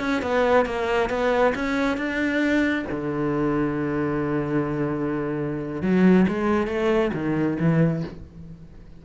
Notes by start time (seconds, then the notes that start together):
0.00 C#4
0.22 B3
0.66 A#3
1.10 B3
1.55 C#4
1.97 D4
2.91 D3
5.82 F#3
6.28 G#3
6.67 A3
7.14 D#3
7.60 E3